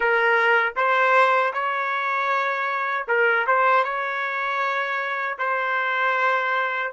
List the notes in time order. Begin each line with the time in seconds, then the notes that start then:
0.00 A#4
0.76 C5
1.53 C#5
3.07 A#4
3.46 C5
3.84 C#5
5.38 C5